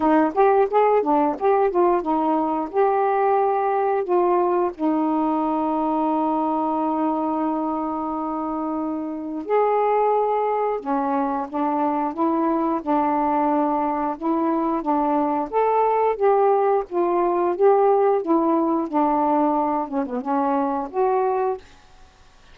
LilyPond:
\new Staff \with { instrumentName = "saxophone" } { \time 4/4 \tempo 4 = 89 dis'8 g'8 gis'8 d'8 g'8 f'8 dis'4 | g'2 f'4 dis'4~ | dis'1~ | dis'2 gis'2 |
cis'4 d'4 e'4 d'4~ | d'4 e'4 d'4 a'4 | g'4 f'4 g'4 e'4 | d'4. cis'16 b16 cis'4 fis'4 | }